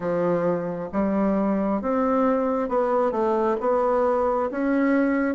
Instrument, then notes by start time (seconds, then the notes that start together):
bassoon
0.00 F3
0.92 G3
1.82 C4
2.69 B3
3.11 A3
3.60 B3
4.50 C#4